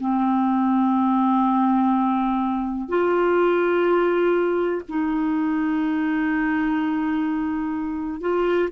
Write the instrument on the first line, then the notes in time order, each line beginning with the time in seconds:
clarinet
0.00 C4
2.89 F4
4.89 D#4
8.21 F4